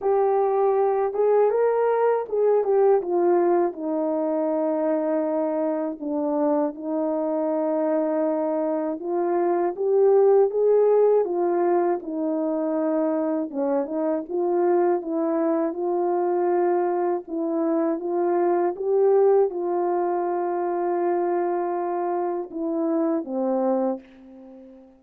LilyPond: \new Staff \with { instrumentName = "horn" } { \time 4/4 \tempo 4 = 80 g'4. gis'8 ais'4 gis'8 g'8 | f'4 dis'2. | d'4 dis'2. | f'4 g'4 gis'4 f'4 |
dis'2 cis'8 dis'8 f'4 | e'4 f'2 e'4 | f'4 g'4 f'2~ | f'2 e'4 c'4 | }